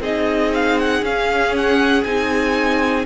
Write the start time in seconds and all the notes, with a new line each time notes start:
0.00 C4 D#4 G#4 D#5
0.54 F5
0.79 F#5
1.03 C#4 F5
1.57 F#5
2.04 C4 D#4 G#5